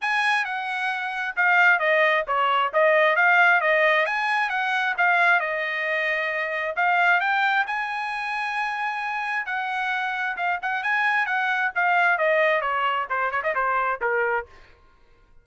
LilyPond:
\new Staff \with { instrumentName = "trumpet" } { \time 4/4 \tempo 4 = 133 gis''4 fis''2 f''4 | dis''4 cis''4 dis''4 f''4 | dis''4 gis''4 fis''4 f''4 | dis''2. f''4 |
g''4 gis''2.~ | gis''4 fis''2 f''8 fis''8 | gis''4 fis''4 f''4 dis''4 | cis''4 c''8 cis''16 dis''16 c''4 ais'4 | }